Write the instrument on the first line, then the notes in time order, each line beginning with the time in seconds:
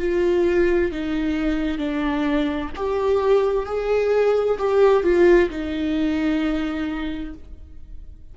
viola
0.00 F4
0.92 D#4
1.79 D4
2.77 G4
3.66 G#4
4.59 G4
5.03 F4
5.50 D#4